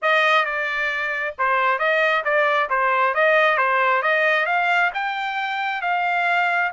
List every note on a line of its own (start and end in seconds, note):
0.02 0.45 D#5
0.45 1.34 D5
1.38 1.78 C5
1.78 2.23 D#5
2.24 2.69 D5
2.69 3.14 C5
3.14 3.57 D#5
3.57 4.02 C5
4.02 4.46 D#5
4.46 4.90 F5
4.94 5.81 G5
5.81 6.71 F5